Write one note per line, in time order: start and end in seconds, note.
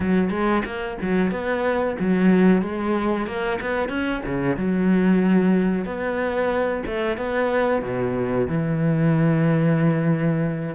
0.00 0.30 F#3
0.30 0.62 G#3
0.65 0.97 A#3
1.01 1.31 F#3
1.31 1.96 B3
1.99 2.62 F#3
2.62 3.26 G#3
3.26 3.59 A#3
3.60 3.89 B3
3.89 4.21 C#4
4.25 4.57 C#3
4.57 5.85 F#3
5.85 6.83 B3
6.86 7.17 A3
7.17 7.82 B3
7.82 8.47 B2
8.47 10.75 E3